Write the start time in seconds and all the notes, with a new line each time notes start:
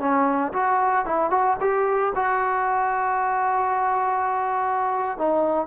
0.00 C#4
0.53 F#4
1.06 E4
1.31 F#4
1.61 G4
2.16 F#4
5.18 D#4